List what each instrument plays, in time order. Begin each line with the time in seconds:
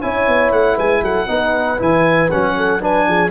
0.00 tuba C#4, trombone E4, horn C#5, oboe G#5
0.27 tuba B3
0.51 tuba A3, oboe F#5
0.75 tuba G#3, horn B4, oboe G#5
1.01 tuba F#3, horn A4, oboe F#5
1.27 tuba B3, trombone D#4, horn B4
1.78 tuba E3, trombone E4, oboe G#5
2.30 tuba F#3, trombone C#4, oboe F#5
2.56 horn A4
2.80 trombone D4, horn B4, oboe G#5
3.07 tuba F3, horn G#4